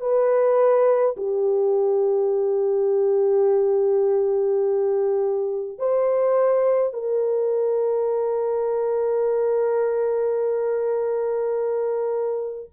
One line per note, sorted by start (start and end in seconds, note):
0.00 1.15 B4
1.16 5.78 G4
5.78 6.93 C5
6.93 12.70 A#4